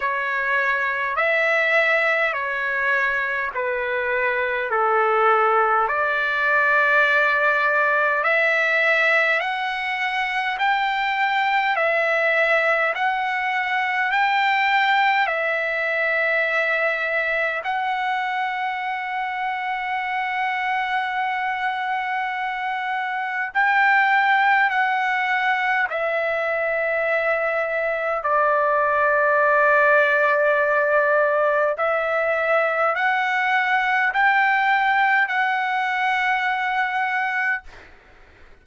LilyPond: \new Staff \with { instrumentName = "trumpet" } { \time 4/4 \tempo 4 = 51 cis''4 e''4 cis''4 b'4 | a'4 d''2 e''4 | fis''4 g''4 e''4 fis''4 | g''4 e''2 fis''4~ |
fis''1 | g''4 fis''4 e''2 | d''2. e''4 | fis''4 g''4 fis''2 | }